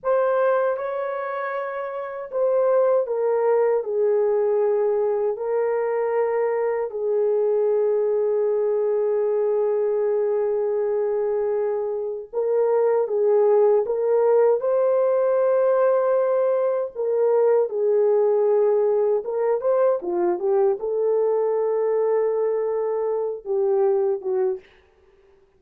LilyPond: \new Staff \with { instrumentName = "horn" } { \time 4/4 \tempo 4 = 78 c''4 cis''2 c''4 | ais'4 gis'2 ais'4~ | ais'4 gis'2.~ | gis'1 |
ais'4 gis'4 ais'4 c''4~ | c''2 ais'4 gis'4~ | gis'4 ais'8 c''8 f'8 g'8 a'4~ | a'2~ a'8 g'4 fis'8 | }